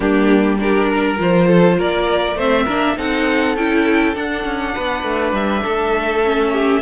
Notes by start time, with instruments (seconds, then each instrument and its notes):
0.00 cello G3, viola A#3, violin D4 G4
0.59 viola D4, violin G4 A#4
0.88 violin A#4
1.17 cello F3, viola F4, violin C5
1.47 violin A4
1.77 cello A#3, violin A#4 D5
2.35 cello A3, viola C4, violin C5 E5
2.64 cello A#3, viola D4, violin A#4
2.96 cello C4, viola D#4, violin A4 F#5
3.56 cello C#4, viola E4, violin G5
4.14 viola D4, cello D4, violin F#5
4.44 cello C#4
4.74 cello B3, violin B4
5.03 cello A3
5.32 cello G3, violin E5
5.63 cello A3, violin A4
6.24 viola C#4
6.52 violin G4